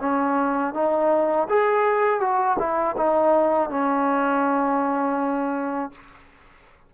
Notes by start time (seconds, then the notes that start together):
0.00 C#4
0.73 D#4
1.49 G#4
2.20 F#4
2.59 E4
2.97 D#4
3.69 C#4